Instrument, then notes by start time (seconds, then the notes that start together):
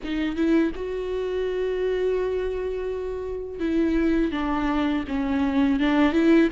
viola
0.03 D#4
0.35 E4
0.75 F#4
3.59 E4
4.31 D4
5.08 C#4
5.79 D4
6.12 E4